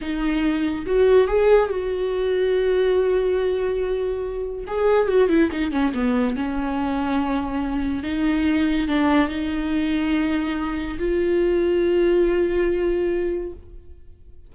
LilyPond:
\new Staff \with { instrumentName = "viola" } { \time 4/4 \tempo 4 = 142 dis'2 fis'4 gis'4 | fis'1~ | fis'2. gis'4 | fis'8 e'8 dis'8 cis'8 b4 cis'4~ |
cis'2. dis'4~ | dis'4 d'4 dis'2~ | dis'2 f'2~ | f'1 | }